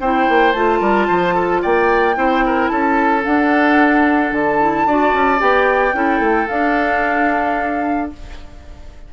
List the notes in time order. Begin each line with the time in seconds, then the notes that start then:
0.00 C4 E4 C5 G5
0.28 A#3
0.52 A3 F4 A5
0.79 G3 A#4
1.07 F3 C5
1.34 A4
1.61 A#3 D5 G5
2.15 C4 E4 C5
2.45 A#4
2.68 C#4 A4 A5
3.22 D4 F#5
4.32 D3 A5
4.59 E4
4.85 D4 F#4 D5
5.13 C#4
5.38 B3 G4 G5
5.93 C#4 E4 A4
6.19 A3
6.47 D4 F5